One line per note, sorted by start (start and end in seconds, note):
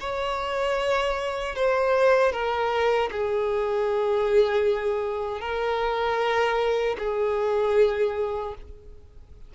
0.00 1.55 C#5
1.55 2.32 C5
2.32 3.10 A#4
3.12 5.41 G#4
5.41 6.97 A#4
6.99 8.55 G#4